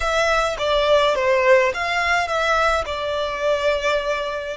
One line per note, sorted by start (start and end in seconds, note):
0.00 0.56 E5
0.58 1.15 D5
1.15 1.72 C5
1.74 2.27 F5
2.27 2.84 E5
2.85 4.57 D5